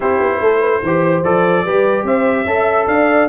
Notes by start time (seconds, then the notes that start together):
0.00 C4 E4 G4 C5
0.20 B3
0.40 A3 A4
0.59 B4
0.82 E3 G4 C5
1.23 F3 A4 D5
1.64 G3 G4 B4
2.03 C4 C5 E5
2.45 C#4 A4 E5
2.87 D4 D5 F5